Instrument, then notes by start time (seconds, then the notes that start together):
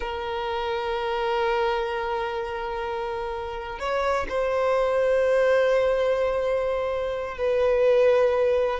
violin
0.00 A#4
3.79 C#5
4.28 C5
7.37 B4